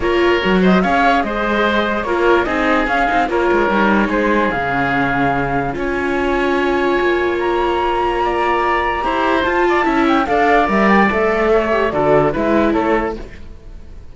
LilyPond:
<<
  \new Staff \with { instrumentName = "flute" } { \time 4/4 \tempo 4 = 146 cis''4. dis''8 f''4 dis''4~ | dis''4 cis''4 dis''4 f''4 | cis''2 c''4 f''4~ | f''2 gis''2~ |
gis''2 ais''2~ | ais''2. a''4~ | a''8 g''8 f''4 e''8 g''8 e''4~ | e''4 d''4 e''4 cis''4 | }
  \new Staff \with { instrumentName = "oboe" } { \time 4/4 ais'4. c''8 cis''4 c''4~ | c''4 ais'4 gis'2 | ais'2 gis'2~ | gis'2 cis''2~ |
cis''1 | d''2 c''4. d''8 | e''4 d''2. | cis''4 a'4 b'4 a'4 | }
  \new Staff \with { instrumentName = "viola" } { \time 4/4 f'4 fis'4 gis'2~ | gis'4 f'4 dis'4 cis'8 dis'8 | f'4 dis'2 cis'4~ | cis'2 f'2~ |
f'1~ | f'2 g'4 f'4 | e'4 a'4 ais'4 a'4~ | a'8 g'8 fis'4 e'2 | }
  \new Staff \with { instrumentName = "cello" } { \time 4/4 ais4 fis4 cis'4 gis4~ | gis4 ais4 c'4 cis'8 c'8 | ais8 gis8 g4 gis4 cis4~ | cis2 cis'2~ |
cis'4 ais2.~ | ais2 e'4 f'4 | cis'4 d'4 g4 a4~ | a4 d4 gis4 a4 | }
>>